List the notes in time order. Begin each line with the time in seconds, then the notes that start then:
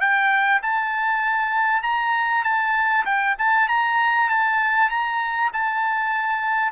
0.00 G5
0.62 A5
1.83 A#5
2.44 A5
3.06 G5
3.38 A5
3.68 A#5
4.30 A5
4.90 A#5
5.53 A5